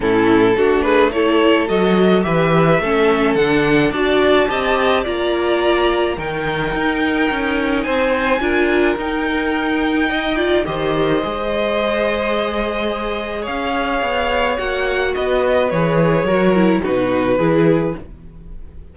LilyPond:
<<
  \new Staff \with { instrumentName = "violin" } { \time 4/4 \tempo 4 = 107 a'4. b'8 cis''4 dis''4 | e''2 fis''4 a''4~ | a''4 ais''2 g''4~ | g''2 gis''2 |
g''2. dis''4~ | dis''1 | f''2 fis''4 dis''4 | cis''2 b'2 | }
  \new Staff \with { instrumentName = "violin" } { \time 4/4 e'4 fis'8 gis'8 a'2 | b'4 a'2 d''4 | dis''4 d''2 ais'4~ | ais'2 c''4 ais'4~ |
ais'2 dis''8 d''8 c''4~ | c''1 | cis''2. b'4~ | b'4 ais'4 fis'4 gis'4 | }
  \new Staff \with { instrumentName = "viola" } { \time 4/4 cis'4 d'4 e'4 fis'4 | g'4 cis'4 d'4 fis'4 | g'4 f'2 dis'4~ | dis'2. f'4 |
dis'2~ dis'8 f'8 g'4 | gis'1~ | gis'2 fis'2 | gis'4 fis'8 e'8 dis'4 e'4 | }
  \new Staff \with { instrumentName = "cello" } { \time 4/4 a,4 a2 fis4 | e4 a4 d4 d'4 | c'4 ais2 dis4 | dis'4 cis'4 c'4 d'4 |
dis'2. dis4 | gis1 | cis'4 b4 ais4 b4 | e4 fis4 b,4 e4 | }
>>